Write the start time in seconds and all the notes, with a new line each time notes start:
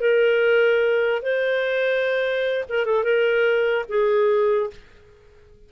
0.00 A#4
1.22 C5
2.69 A#4
2.85 A4
3.04 A#4
3.88 G#4